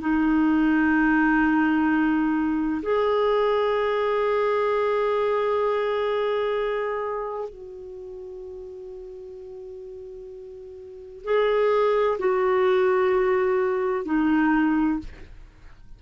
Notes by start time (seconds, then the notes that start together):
0.00 D#4
2.82 G#4
7.49 F#4
11.24 G#4
12.19 F#4
14.05 D#4